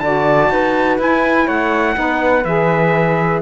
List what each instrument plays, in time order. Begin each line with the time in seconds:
0.00 cello D3, saxophone F#4, flute D5, trumpet A5
0.50 cello D#4, flute B4
0.98 cello E4, saxophone E4, trumpet G#5
1.46 cello A3, flute C#5, trumpet F#5
1.95 cello B3, saxophone D#4, flute B4
2.45 cello E3, saxophone G#4, trumpet E5